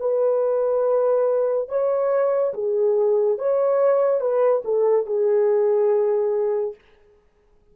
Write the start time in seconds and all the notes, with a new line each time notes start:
0.00 B4
1.69 C#5
2.54 G#4
3.38 C#5
4.21 B4
4.65 A4
5.06 G#4